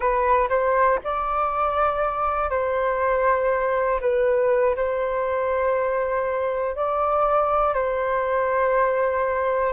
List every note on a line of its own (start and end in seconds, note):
0.00 0.48 B4
0.49 0.99 C5
1.04 2.50 D5
2.50 4.00 C5
4.00 4.75 B4
4.75 6.75 C5
6.75 7.74 D5
7.74 9.73 C5